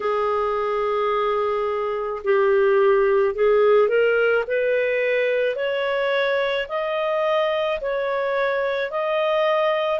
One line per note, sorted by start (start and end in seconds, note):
0.00 2.22 G#4
2.24 3.34 G4
3.34 3.88 G#4
3.88 4.44 A#4
4.47 5.55 B4
5.55 6.66 C#5
6.68 7.79 D#5
7.80 8.90 C#5
8.90 9.99 D#5